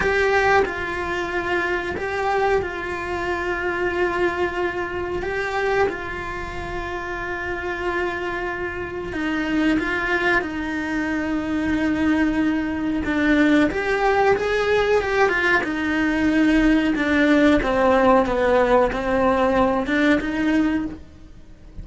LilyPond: \new Staff \with { instrumentName = "cello" } { \time 4/4 \tempo 4 = 92 g'4 f'2 g'4 | f'1 | g'4 f'2.~ | f'2 dis'4 f'4 |
dis'1 | d'4 g'4 gis'4 g'8 f'8 | dis'2 d'4 c'4 | b4 c'4. d'8 dis'4 | }